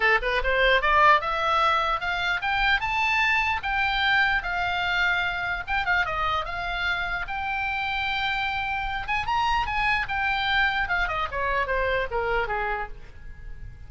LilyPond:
\new Staff \with { instrumentName = "oboe" } { \time 4/4 \tempo 4 = 149 a'8 b'8 c''4 d''4 e''4~ | e''4 f''4 g''4 a''4~ | a''4 g''2 f''4~ | f''2 g''8 f''8 dis''4 |
f''2 g''2~ | g''2~ g''8 gis''8 ais''4 | gis''4 g''2 f''8 dis''8 | cis''4 c''4 ais'4 gis'4 | }